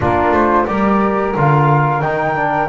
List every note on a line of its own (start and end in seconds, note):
0.00 0.31 A#3
0.00 0.66 D4
0.00 0.67 F4
0.00 0.34 A#4
0.31 0.64 A3
0.31 0.65 C5
0.65 1.35 G3
0.65 1.35 G4
0.65 2.68 A#4
0.65 1.33 D5
1.36 2.02 D3
1.36 2.02 F4
1.36 2.01 F5
2.01 2.68 D#3
2.01 2.36 D#4
2.01 2.68 G5
2.36 2.68 D4